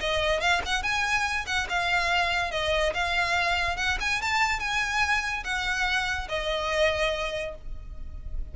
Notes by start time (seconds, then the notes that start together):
0.00 D#5
0.41 F5
0.66 F#5
0.83 G#5
1.46 F#5
1.69 F5
2.51 D#5
2.94 F5
3.77 F#5
4.01 G#5
4.21 A5
4.60 G#5
5.44 F#5
6.29 D#5